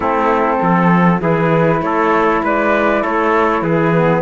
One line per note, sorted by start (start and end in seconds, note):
0.00 0.59 A3
0.00 1.20 C4
0.00 0.59 E4
0.00 1.21 A4
0.61 1.21 F3
0.61 1.21 A4
1.20 1.81 E3
1.20 3.93 E4
1.20 1.82 G#4
1.20 1.82 B4
1.81 2.42 A3
1.81 2.43 A4
1.81 2.42 C#5
2.43 3.03 G#3
2.43 3.02 B4
2.43 3.03 D5
3.02 3.61 A3
3.02 3.63 A4
3.02 3.62 C#5
3.61 4.21 E3
3.61 4.21 G#4
3.61 4.21 B4
3.95 4.21 B3